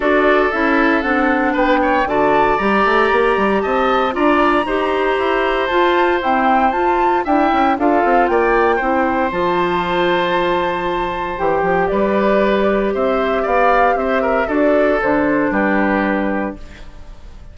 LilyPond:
<<
  \new Staff \with { instrumentName = "flute" } { \time 4/4 \tempo 4 = 116 d''4 e''4 fis''4 g''4 | a''4 ais''2 a''4 | ais''2. a''4 | g''4 a''4 g''4 f''4 |
g''2 a''2~ | a''2 g''4 d''4~ | d''4 e''4 f''4 e''4 | d''4 c''4 b'2 | }
  \new Staff \with { instrumentName = "oboe" } { \time 4/4 a'2. b'8 cis''8 | d''2. dis''4 | d''4 c''2.~ | c''2 e''4 a'4 |
d''4 c''2.~ | c''2. b'4~ | b'4 c''4 d''4 c''8 ais'8 | a'2 g'2 | }
  \new Staff \with { instrumentName = "clarinet" } { \time 4/4 fis'4 e'4 d'2 | fis'4 g'2. | f'4 g'2 f'4 | c'4 f'4 e'4 f'4~ |
f'4 e'4 f'2~ | f'2 g'2~ | g'1 | fis'4 d'2. | }
  \new Staff \with { instrumentName = "bassoon" } { \time 4/4 d'4 cis'4 c'4 b4 | d4 g8 a8 ais8 g8 c'4 | d'4 dis'4 e'4 f'4 | e'4 f'4 d'8 cis'8 d'8 c'8 |
ais4 c'4 f2~ | f2 e8 f8 g4~ | g4 c'4 b4 c'4 | d'4 d4 g2 | }
>>